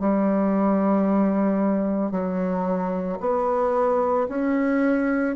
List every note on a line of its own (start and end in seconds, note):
0.00 2.12 G3
2.12 3.19 F#3
3.20 4.28 B3
4.29 5.36 C#4